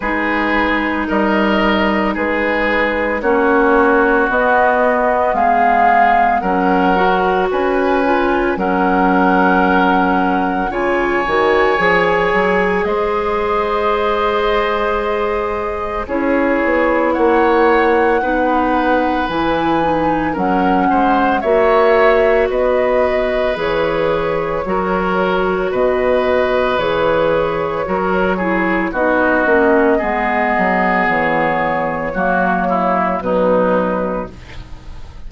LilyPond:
<<
  \new Staff \with { instrumentName = "flute" } { \time 4/4 \tempo 4 = 56 b'4 dis''4 b'4 cis''4 | dis''4 f''4 fis''4 gis''4 | fis''2 gis''2 | dis''2. cis''4 |
fis''2 gis''4 fis''4 | e''4 dis''4 cis''2 | dis''4 cis''2 dis''4~ | dis''4 cis''2 b'4 | }
  \new Staff \with { instrumentName = "oboe" } { \time 4/4 gis'4 ais'4 gis'4 fis'4~ | fis'4 gis'4 ais'4 b'4 | ais'2 cis''2 | c''2. gis'4 |
cis''4 b'2 ais'8 c''8 | cis''4 b'2 ais'4 | b'2 ais'8 gis'8 fis'4 | gis'2 fis'8 e'8 dis'4 | }
  \new Staff \with { instrumentName = "clarinet" } { \time 4/4 dis'2. cis'4 | b2 cis'8 fis'4 f'8 | cis'2 f'8 fis'8 gis'4~ | gis'2. e'4~ |
e'4 dis'4 e'8 dis'8 cis'4 | fis'2 gis'4 fis'4~ | fis'4 gis'4 fis'8 e'8 dis'8 cis'8 | b2 ais4 fis4 | }
  \new Staff \with { instrumentName = "bassoon" } { \time 4/4 gis4 g4 gis4 ais4 | b4 gis4 fis4 cis'4 | fis2 cis8 dis8 f8 fis8 | gis2. cis'8 b8 |
ais4 b4 e4 fis8 gis8 | ais4 b4 e4 fis4 | b,4 e4 fis4 b8 ais8 | gis8 fis8 e4 fis4 b,4 | }
>>